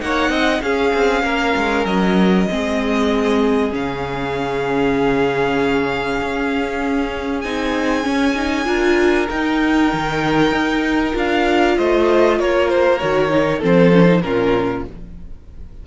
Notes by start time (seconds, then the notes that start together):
0.00 A#3 D#4 C#5 F#5
0.29 C4 D#5
0.62 C#4 G#4 F5
0.94 C4
1.23 A#3 A#4
1.56 G#3
1.85 F#3 D#5
2.49 G#3 C4 G#4
3.72 C#3 C#4 F5
6.21 C#4
7.41 C4 D#4 G#5
8.04 C#4
8.35 D#4
8.65 D4 F4 A#4
9.30 D#4 G5
9.93 D#3
10.52 D#4
11.12 D4 F4 F5
11.77 A3 C5 D#5
12.39 A#3 A#4 C#5
12.69 C5
12.99 D#3 F#4 C#5
13.30 D#4
13.59 F3 C4 A4
13.65 C5
13.93 C#4
14.06 D#4
14.22 A#2 C#4 F4 A#4